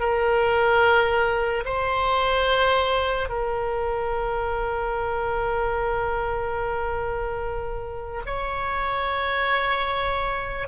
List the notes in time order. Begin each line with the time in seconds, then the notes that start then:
0.00 A#4
1.65 C5
3.30 A#4
8.26 C#5